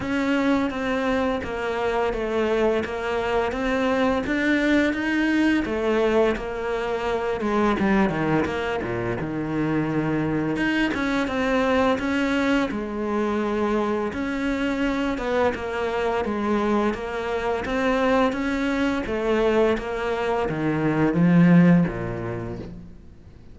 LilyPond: \new Staff \with { instrumentName = "cello" } { \time 4/4 \tempo 4 = 85 cis'4 c'4 ais4 a4 | ais4 c'4 d'4 dis'4 | a4 ais4. gis8 g8 dis8 | ais8 ais,8 dis2 dis'8 cis'8 |
c'4 cis'4 gis2 | cis'4. b8 ais4 gis4 | ais4 c'4 cis'4 a4 | ais4 dis4 f4 ais,4 | }